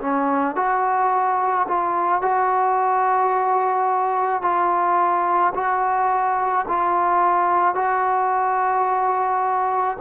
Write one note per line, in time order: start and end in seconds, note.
0.00 0.55 C#4
0.55 1.66 F#4
1.68 2.21 F4
2.21 4.42 F#4
4.42 5.53 F4
5.54 6.65 F#4
6.68 7.75 F4
7.75 9.97 F#4